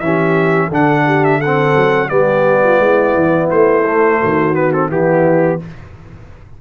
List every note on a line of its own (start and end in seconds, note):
0.00 0.70 E3
0.00 0.71 C#4
0.00 0.68 G4
0.00 0.70 E5
0.68 1.75 D3
0.68 1.42 D4
0.68 1.03 A4
0.68 1.24 F#5
1.06 1.39 G4
1.24 1.41 E5
1.39 2.09 A4
1.39 2.09 F#5
1.45 2.09 C4
1.76 2.11 F#3
2.09 2.79 G3
2.09 3.84 B3
2.09 2.63 G4
2.09 3.49 D5
2.64 2.81 F4
2.79 3.14 G#3
2.79 4.21 E4
3.15 3.49 E3
3.50 4.22 A3
3.50 4.55 C5
3.86 4.55 A3
4.21 4.89 D#3
4.21 4.90 F#4
4.55 4.72 B3
4.55 4.72 B4
4.72 4.90 C4
4.72 4.90 A4
4.89 5.59 E3
4.89 5.59 B3
4.89 5.59 E4
4.89 5.61 G4